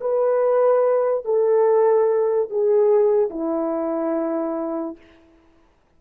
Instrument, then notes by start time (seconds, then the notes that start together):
horn
0.00 B4
1.25 A4
2.50 G#4
3.30 E4